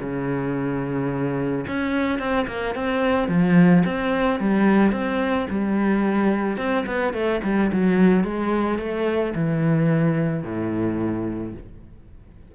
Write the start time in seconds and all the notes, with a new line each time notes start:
0.00 C#3
1.67 C#4
2.18 C4
2.47 A#3
2.75 C4
3.28 F3
3.85 C4
4.39 G3
4.91 C4
5.49 G3
6.57 C4
6.86 B3
7.13 A3
7.43 G3
7.72 F#3
8.23 G#3
8.78 A3
9.35 E3
10.43 A2